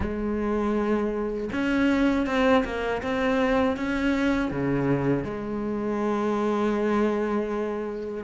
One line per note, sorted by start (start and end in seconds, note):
0.00 1.50 G#3
1.52 2.26 C#4
2.26 2.64 C4
2.64 3.02 A#3
3.02 3.76 C4
3.76 4.51 C#4
4.51 5.24 C#3
5.24 8.24 G#3